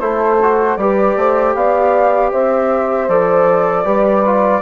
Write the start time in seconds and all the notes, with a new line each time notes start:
0.00 A3 E4 A4 C5
0.42 F#4
0.77 G3 G4 B4 D5
1.16 A3 C5
1.55 B3 D5 F5
2.32 C4 C5 E5
3.08 F3 A4 D5
3.84 G3 G4 B4
4.25 F4